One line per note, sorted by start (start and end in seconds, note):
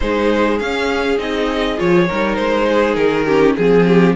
0.00 0.60 G#3
0.00 0.58 D#4
0.00 2.08 G#4
0.00 0.58 C5
0.58 1.18 C#4
0.58 1.18 F5
1.18 1.77 C4
1.18 1.77 D#4
1.18 1.79 D#5
1.77 2.10 F3
1.77 2.07 F4
1.77 2.35 C#5
2.08 2.38 G3
2.08 3.27 D#4
2.08 2.67 A#4
2.35 2.96 G#3
2.35 2.94 C5
2.68 3.26 G#4
2.94 3.55 D#3
2.94 3.54 A#4
3.26 3.57 C#4
3.26 3.55 G4
3.56 4.16 F3
3.56 4.16 C4
3.56 4.15 G#4
3.56 3.86 G#4
3.86 4.16 G4